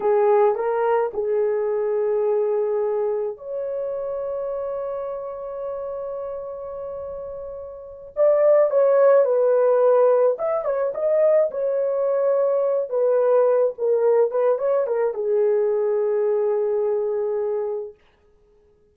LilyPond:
\new Staff \with { instrumentName = "horn" } { \time 4/4 \tempo 4 = 107 gis'4 ais'4 gis'2~ | gis'2 cis''2~ | cis''1~ | cis''2~ cis''8 d''4 cis''8~ |
cis''8 b'2 e''8 cis''8 dis''8~ | dis''8 cis''2~ cis''8 b'4~ | b'8 ais'4 b'8 cis''8 ais'8 gis'4~ | gis'1 | }